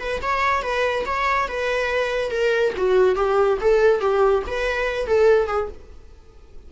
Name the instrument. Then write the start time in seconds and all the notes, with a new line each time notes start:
viola
0.00 B4
0.22 C#5
0.63 B4
1.06 C#5
1.48 B4
2.31 A#4
2.77 F#4
3.16 G4
3.61 A4
4.01 G4
4.47 B4
5.07 A4
5.48 G#4